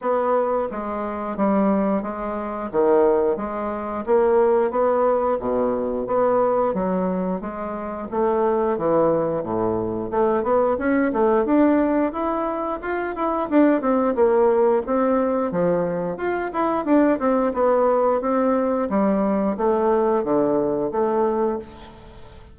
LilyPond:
\new Staff \with { instrumentName = "bassoon" } { \time 4/4 \tempo 4 = 89 b4 gis4 g4 gis4 | dis4 gis4 ais4 b4 | b,4 b4 fis4 gis4 | a4 e4 a,4 a8 b8 |
cis'8 a8 d'4 e'4 f'8 e'8 | d'8 c'8 ais4 c'4 f4 | f'8 e'8 d'8 c'8 b4 c'4 | g4 a4 d4 a4 | }